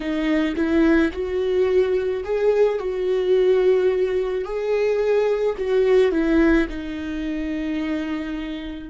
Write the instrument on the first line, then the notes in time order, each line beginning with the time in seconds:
viola
0.00 D#4
0.56 E4
1.12 F#4
2.24 G#4
2.78 F#4
4.44 G#4
5.58 F#4
6.11 E4
6.68 D#4